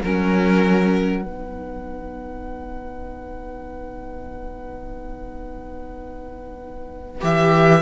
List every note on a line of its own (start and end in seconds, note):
0.00 1.24 F#3
0.00 1.22 C#4
0.00 1.22 A#4
0.00 7.20 F#5
1.22 7.23 B3
1.22 7.21 D#4
1.22 7.82 B4
7.21 7.82 E3
7.21 7.81 G4
7.21 7.82 E5